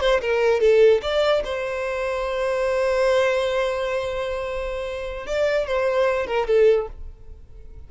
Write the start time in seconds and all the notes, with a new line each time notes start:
0.00 C5
0.21 A#4
0.60 A4
1.02 D5
1.44 C5
5.26 D5
5.67 C5
6.27 A#4
6.47 A4